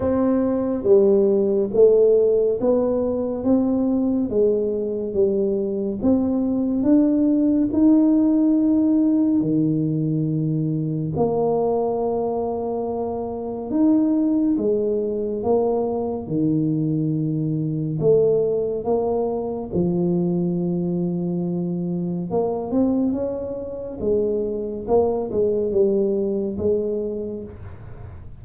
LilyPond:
\new Staff \with { instrumentName = "tuba" } { \time 4/4 \tempo 4 = 70 c'4 g4 a4 b4 | c'4 gis4 g4 c'4 | d'4 dis'2 dis4~ | dis4 ais2. |
dis'4 gis4 ais4 dis4~ | dis4 a4 ais4 f4~ | f2 ais8 c'8 cis'4 | gis4 ais8 gis8 g4 gis4 | }